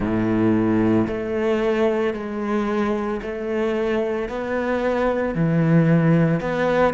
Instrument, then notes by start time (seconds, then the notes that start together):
cello
0.00 A2
1.07 A3
2.13 G#3
3.21 A3
4.29 B3
5.35 E3
6.40 B3